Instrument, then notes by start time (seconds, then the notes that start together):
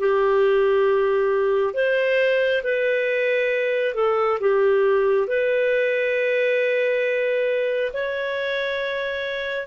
clarinet
0.00 G4
1.74 C5
2.64 B4
3.95 A4
4.41 G4
5.28 B4
7.94 C#5